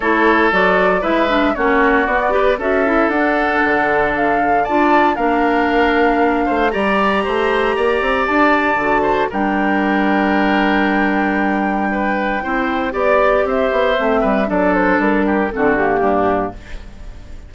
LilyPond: <<
  \new Staff \with { instrumentName = "flute" } { \time 4/4 \tempo 4 = 116 cis''4 d''4 e''4 cis''4 | d''4 e''4 fis''2 | f''4 a''4 f''2~ | f''4 ais''2. |
a''2 g''2~ | g''1~ | g''4 d''4 e''2 | d''8 c''8 ais'4 a'8 g'4. | }
  \new Staff \with { instrumentName = "oboe" } { \time 4/4 a'2 b'4 fis'4~ | fis'8 b'8 a'2.~ | a'4 d''4 ais'2~ | ais'8 c''8 d''4 c''4 d''4~ |
d''4. c''8 ais'2~ | ais'2. b'4 | c''4 d''4 c''4. b'8 | a'4. g'8 fis'4 d'4 | }
  \new Staff \with { instrumentName = "clarinet" } { \time 4/4 e'4 fis'4 e'8 d'8 cis'4 | b8 g'8 fis'8 e'8 d'2~ | d'4 f'4 d'2~ | d'4 g'2.~ |
g'4 fis'4 d'2~ | d'1 | e'4 g'2 c'4 | d'2 c'8 ais4. | }
  \new Staff \with { instrumentName = "bassoon" } { \time 4/4 a4 fis4 gis4 ais4 | b4 cis'4 d'4 d4~ | d4 d'4 ais2~ | ais8 a8 g4 a4 ais8 c'8 |
d'4 d4 g2~ | g1 | c'4 b4 c'8 b8 a8 g8 | fis4 g4 d4 g,4 | }
>>